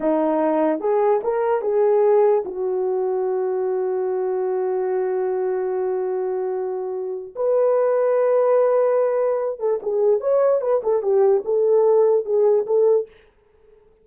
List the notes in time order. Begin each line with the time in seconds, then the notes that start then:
0.00 D#4
0.80 G#4
1.23 A#4
1.61 G#4
2.45 F#4
7.35 B4
9.59 A4
9.82 G#4
10.20 C#5
10.61 B4
10.83 A4
11.02 G4
11.44 A4
12.25 G#4
12.66 A4